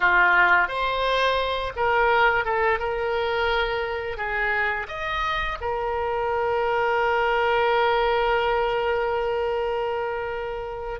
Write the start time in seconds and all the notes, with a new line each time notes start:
0.00 F4
0.68 C5
1.75 A#4
2.44 A4
2.79 A#4
4.17 G#4
4.88 D#5
5.60 A#4